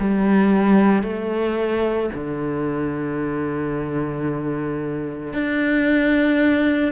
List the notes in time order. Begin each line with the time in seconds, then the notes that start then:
0.00 G3
1.03 A3
2.14 D3
5.33 D4